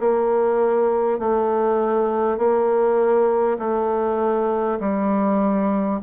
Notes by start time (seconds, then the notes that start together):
0.00 A#3
1.19 A3
2.38 A#3
3.59 A3
4.79 G3